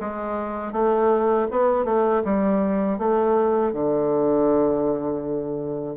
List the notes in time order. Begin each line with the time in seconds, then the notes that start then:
0.00 G#3
0.72 A3
1.51 B3
1.85 A3
2.24 G3
2.98 A3
3.73 D3